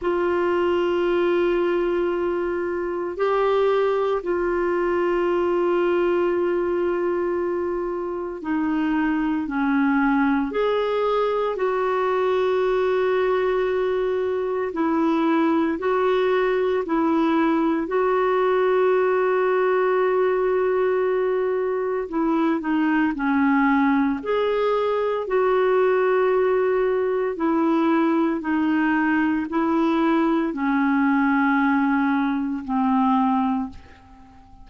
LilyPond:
\new Staff \with { instrumentName = "clarinet" } { \time 4/4 \tempo 4 = 57 f'2. g'4 | f'1 | dis'4 cis'4 gis'4 fis'4~ | fis'2 e'4 fis'4 |
e'4 fis'2.~ | fis'4 e'8 dis'8 cis'4 gis'4 | fis'2 e'4 dis'4 | e'4 cis'2 c'4 | }